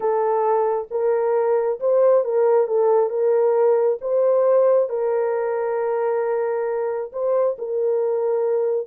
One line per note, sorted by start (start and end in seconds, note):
0.00 0.87 A4
0.91 1.79 A#4
1.79 2.24 C5
2.24 2.67 A#4
2.67 3.09 A4
3.09 3.98 A#4
4.01 4.89 C5
4.89 7.11 A#4
7.12 7.57 C5
7.58 8.87 A#4